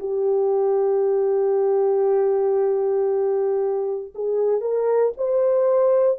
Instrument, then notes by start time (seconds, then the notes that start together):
horn
0.00 G4
4.15 G#4
4.61 A#4
5.18 C5